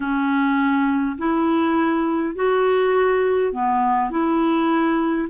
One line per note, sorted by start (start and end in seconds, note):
0.00 1.17 C#4
1.18 2.35 E4
2.35 3.52 F#4
3.52 4.10 B3
4.10 5.28 E4